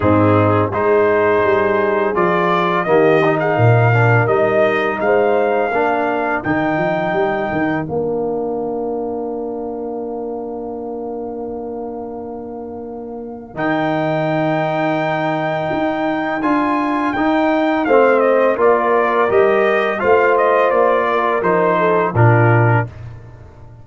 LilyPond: <<
  \new Staff \with { instrumentName = "trumpet" } { \time 4/4 \tempo 4 = 84 gis'4 c''2 d''4 | dis''8. f''4~ f''16 dis''4 f''4~ | f''4 g''2 f''4~ | f''1~ |
f''2. g''4~ | g''2. gis''4 | g''4 f''8 dis''8 d''4 dis''4 | f''8 dis''8 d''4 c''4 ais'4 | }
  \new Staff \with { instrumentName = "horn" } { \time 4/4 dis'4 gis'2. | g'8. gis'16 ais'2 c''4 | ais'1~ | ais'1~ |
ais'1~ | ais'1~ | ais'4 c''4 ais'2 | c''4. ais'4 a'8 f'4 | }
  \new Staff \with { instrumentName = "trombone" } { \time 4/4 c'4 dis'2 f'4 | ais8 dis'4 d'8 dis'2 | d'4 dis'2 d'4~ | d'1~ |
d'2. dis'4~ | dis'2. f'4 | dis'4 c'4 f'4 g'4 | f'2 dis'4 d'4 | }
  \new Staff \with { instrumentName = "tuba" } { \time 4/4 gis,4 gis4 g4 f4 | dis4 ais,4 g4 gis4 | ais4 dis8 f8 g8 dis8 ais4~ | ais1~ |
ais2. dis4~ | dis2 dis'4 d'4 | dis'4 a4 ais4 g4 | a4 ais4 f4 ais,4 | }
>>